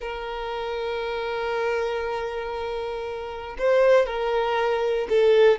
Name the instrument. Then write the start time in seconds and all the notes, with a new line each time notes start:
violin
0.00 A#4
3.58 C5
4.06 A#4
5.09 A4